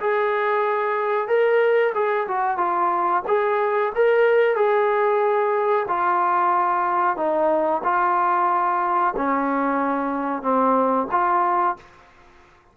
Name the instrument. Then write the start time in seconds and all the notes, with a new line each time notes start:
trombone
0.00 G#4
1.28 A#4
1.94 G#4
2.27 F#4
2.57 F4
3.27 G#4
3.95 A#4
4.56 G#4
5.88 F4
7.16 D#4
7.84 F4
9.17 C#4
10.42 C4
11.11 F4